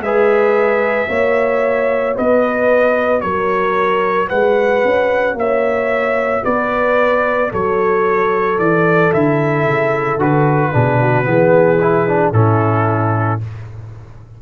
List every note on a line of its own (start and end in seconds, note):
0.00 1.07 G#3
0.00 1.07 G#4
0.00 1.09 B4
0.00 2.17 E5
1.07 2.15 A#3
1.07 9.10 F#4
1.07 2.15 C#5
2.15 3.23 B3
2.15 3.22 B4
2.15 3.21 D#5
3.21 4.30 F#3
3.21 4.28 A#4
3.21 4.28 C#5
4.28 4.84 G#3
4.28 5.35 B4
4.28 5.36 F#5
4.84 5.34 C#4
5.34 6.41 A#3
5.34 6.44 C#5
5.34 6.44 E5
6.44 7.52 B3
6.44 7.51 B4
6.44 7.52 D5
7.51 8.58 F#3
7.51 10.73 A4
7.51 8.59 C#5
8.58 9.11 E3
8.58 9.12 D5
9.12 9.65 D3
9.12 10.19 E4
9.12 10.20 E5
9.65 10.17 C#3
10.17 10.71 D3
10.17 10.72 F#4
10.17 12.33 B4
10.72 11.25 B2
10.72 11.24 D4
10.72 10.99 G#4
11.02 11.27 F#4
11.24 12.32 E3
11.24 11.77 B3
11.24 12.34 G#4
11.81 12.08 E4
12.08 12.33 D4
12.32 13.39 A2
12.32 13.40 C#4
12.32 13.42 E4
12.32 13.40 A4